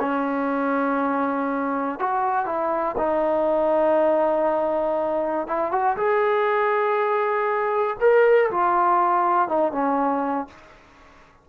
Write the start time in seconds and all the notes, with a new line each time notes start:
0.00 C#4
2.00 F#4
2.46 E4
2.98 D#4
5.47 E4
5.72 F#4
5.97 G#4
8.01 A#4
8.51 F4
9.49 D#4
9.72 C#4